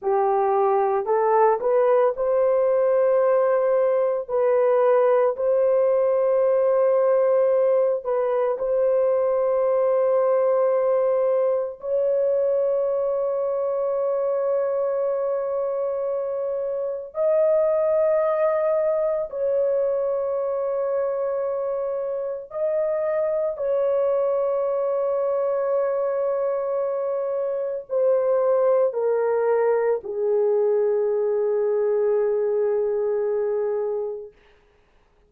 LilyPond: \new Staff \with { instrumentName = "horn" } { \time 4/4 \tempo 4 = 56 g'4 a'8 b'8 c''2 | b'4 c''2~ c''8 b'8 | c''2. cis''4~ | cis''1 |
dis''2 cis''2~ | cis''4 dis''4 cis''2~ | cis''2 c''4 ais'4 | gis'1 | }